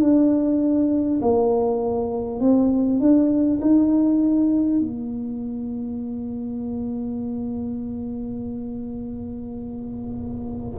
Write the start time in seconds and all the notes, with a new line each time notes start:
0.00 D4
1.21 A#3
2.39 C4
3.00 D4
3.61 D#4
4.80 A#3